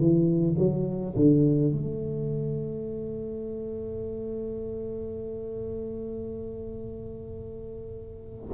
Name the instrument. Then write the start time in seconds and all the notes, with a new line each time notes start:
tuba
0.00 E3
0.59 F#3
1.17 D3
1.73 A3